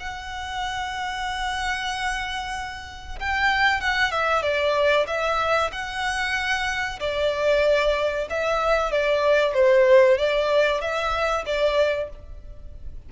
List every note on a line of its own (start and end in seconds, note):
0.00 3.19 F#5
3.19 3.81 G5
3.81 4.11 F#5
4.11 4.42 E5
4.42 5.06 D5
5.07 5.71 E5
5.72 6.99 F#5
7.00 8.27 D5
8.30 8.91 E5
8.91 9.54 D5
9.54 10.18 C5
10.18 10.81 D5
10.81 11.45 E5
11.46 12.10 D5